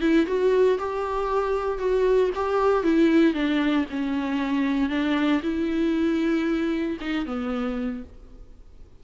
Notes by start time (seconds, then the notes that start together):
0.00 E4
0.26 F#4
0.78 G4
1.78 F#4
2.35 G4
2.83 E4
3.33 D4
3.90 C#4
4.89 D4
5.42 E4
7.00 D#4
7.25 B3